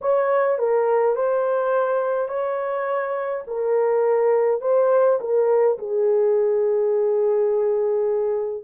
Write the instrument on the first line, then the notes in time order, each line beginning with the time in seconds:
horn
0.01 C#5
0.58 A#4
1.15 C5
2.28 C#5
3.47 A#4
4.61 C5
5.20 A#4
5.78 G#4